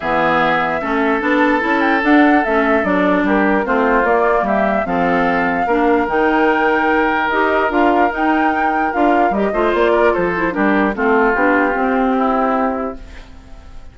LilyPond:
<<
  \new Staff \with { instrumentName = "flute" } { \time 4/4 \tempo 4 = 148 e''2. a''4~ | a''8 g''8 fis''4 e''4 d''4 | ais'4 c''4 d''4 e''4 | f''2. g''4~ |
g''2 dis''4 f''4 | g''2 f''4 dis''4 | d''4 c''4 ais'4 a'4 | g'1 | }
  \new Staff \with { instrumentName = "oboe" } { \time 4/4 gis'2 a'2~ | a'1 | g'4 f'2 g'4 | a'2 ais'2~ |
ais'1~ | ais'2.~ ais'8 c''8~ | c''8 ais'8 a'4 g'4 f'4~ | f'2 e'2 | }
  \new Staff \with { instrumentName = "clarinet" } { \time 4/4 b2 cis'4 d'4 | e'4 d'4 cis'4 d'4~ | d'4 c'4 ais2 | c'2 d'4 dis'4~ |
dis'2 g'4 f'4 | dis'2 f'4 g'8 f'8~ | f'4. e'8 d'4 c'4 | d'4 c'2. | }
  \new Staff \with { instrumentName = "bassoon" } { \time 4/4 e2 a4 b4 | cis'4 d'4 a4 fis4 | g4 a4 ais4 g4 | f2 ais4 dis4~ |
dis2 dis'4 d'4 | dis'2 d'4 g8 a8 | ais4 f4 g4 a4 | b4 c'2. | }
>>